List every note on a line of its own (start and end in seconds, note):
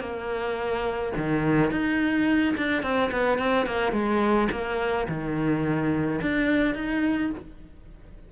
0.00 1.12 A#3
1.17 1.71 D#3
1.71 2.55 D#4
2.57 2.82 D4
2.82 3.10 C4
3.11 3.38 B3
3.38 3.66 C4
3.66 3.92 A#3
3.92 4.48 G#3
4.51 5.07 A#3
5.08 6.20 D#3
6.21 6.74 D4
6.74 7.30 D#4